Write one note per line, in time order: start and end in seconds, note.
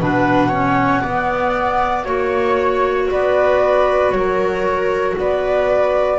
0.00 1.03 B2
0.00 0.52 D4
0.00 0.49 B4
0.00 2.04 F#5
0.49 1.04 C#4
0.49 1.01 C#5
1.02 2.06 B3
1.02 2.05 B3
1.02 2.05 D5
2.04 3.09 A#3
2.04 6.19 F#4
2.04 3.08 C#5
2.04 3.11 C#5
3.11 4.11 B3
3.11 4.15 B4
3.11 4.11 D5
4.11 5.15 F#3
4.11 5.18 A#4
4.11 5.15 C#5
5.18 6.19 B3
5.18 6.19 B4
5.18 6.19 D5